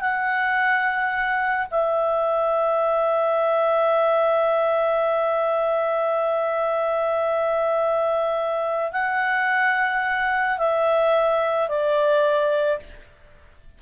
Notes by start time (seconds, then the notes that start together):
0.00 F#5
1.70 E5
8.92 F#5
10.58 E5
11.68 D5